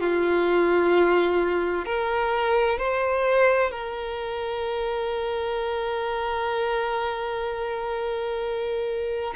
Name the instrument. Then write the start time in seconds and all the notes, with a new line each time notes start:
violin
0.00 F4
1.85 A#4
2.78 C5
3.72 A#4